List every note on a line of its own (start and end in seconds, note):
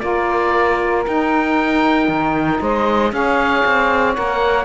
0.00 1.06 A#3
0.00 1.05 F4
0.00 2.62 A#4
0.00 1.03 D5
1.07 2.09 D#4
1.07 3.11 D#4
1.07 2.62 G5
2.09 2.60 D#3
2.62 3.13 G#3
2.62 3.14 C5
2.62 3.14 D#5
3.11 3.64 C#4
3.11 4.15 G#4
3.11 4.65 C#5
3.11 4.15 F5
3.66 4.17 C4
4.15 4.65 A#3
4.15 4.65 A#4
4.15 4.65 F#5